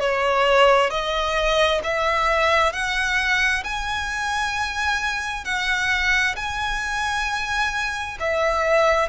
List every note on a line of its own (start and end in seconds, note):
0.00 0.90 C#5
0.90 1.81 D#5
1.83 2.73 E5
2.73 3.64 F#5
3.64 5.45 G#5
5.45 6.36 F#5
6.36 8.18 G#5
8.20 9.09 E5